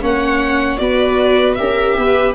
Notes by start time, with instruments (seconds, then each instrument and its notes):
0.00 tuba A#3, viola C#4 C#5, violin F#5
0.77 tuba B3, viola F#4 B4, violin D5
1.54 tuba C#4, viola G4 A#4, violin E5
1.97 tuba B3, viola B4